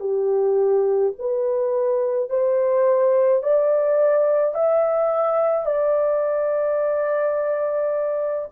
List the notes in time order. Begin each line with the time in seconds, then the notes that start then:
0.00 G4
1.18 B4
2.30 C5
3.43 D5
4.54 E5
5.66 D5